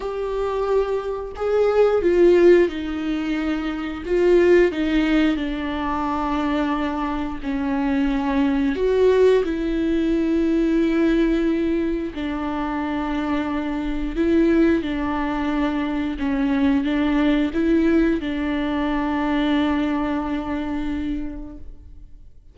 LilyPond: \new Staff \with { instrumentName = "viola" } { \time 4/4 \tempo 4 = 89 g'2 gis'4 f'4 | dis'2 f'4 dis'4 | d'2. cis'4~ | cis'4 fis'4 e'2~ |
e'2 d'2~ | d'4 e'4 d'2 | cis'4 d'4 e'4 d'4~ | d'1 | }